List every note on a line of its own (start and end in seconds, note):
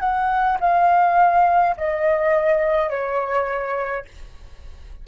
0.00 0.58 F#5
0.60 1.76 F5
1.77 2.90 D#5
2.90 4.05 C#5